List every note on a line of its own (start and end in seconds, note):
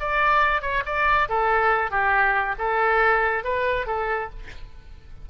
0.00 0.62 D5
0.62 0.83 C#5
0.86 1.29 D5
1.29 1.91 A4
1.91 2.55 G4
2.59 3.44 A4
3.44 3.86 B4
3.86 4.29 A4